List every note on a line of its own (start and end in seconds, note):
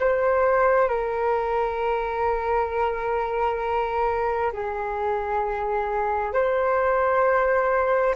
0.00 0.89 C5
0.89 4.52 A#4
4.52 6.33 G#4
6.33 8.15 C5